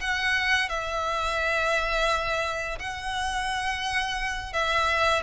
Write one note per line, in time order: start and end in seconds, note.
0.00 0.69 F#5
0.69 2.78 E5
2.78 4.53 F#5
4.53 5.22 E5